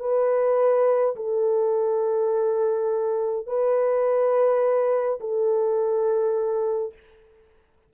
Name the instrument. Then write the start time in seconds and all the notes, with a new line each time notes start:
horn
0.00 B4
1.16 A4
3.47 B4
5.20 A4